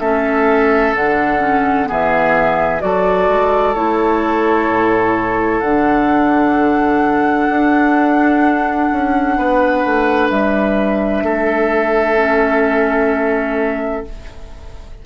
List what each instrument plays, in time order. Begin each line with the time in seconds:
0.00 bassoon A3, clarinet C#4, oboe A4, flute E5
0.94 bassoon D3, clarinet D4, flute F#5
1.40 clarinet C#4
1.86 bassoon E3, clarinet B3, oboe G#4, flute E5
2.80 bassoon F#3, clarinet F#4, oboe A4, flute D5
3.29 bassoon G#3
3.75 bassoon A3, clarinet E4, flute C#5
4.69 bassoon A2
5.60 bassoon D3, clarinet D4, flute F#5
7.50 bassoon D4
8.92 bassoon C#4
9.37 bassoon B3, oboe B4
9.85 bassoon A3
10.30 bassoon G3, flute E5
11.23 bassoon A3, oboe A4
12.17 clarinet C#4